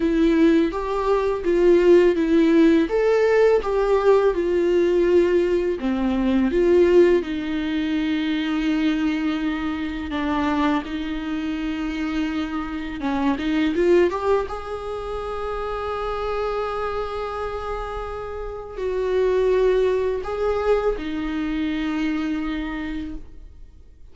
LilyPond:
\new Staff \with { instrumentName = "viola" } { \time 4/4 \tempo 4 = 83 e'4 g'4 f'4 e'4 | a'4 g'4 f'2 | c'4 f'4 dis'2~ | dis'2 d'4 dis'4~ |
dis'2 cis'8 dis'8 f'8 g'8 | gis'1~ | gis'2 fis'2 | gis'4 dis'2. | }